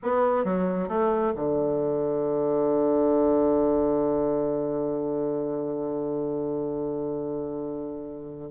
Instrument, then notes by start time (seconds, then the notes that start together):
bassoon
0.02 B3
0.44 F#3
0.88 A3
1.35 D3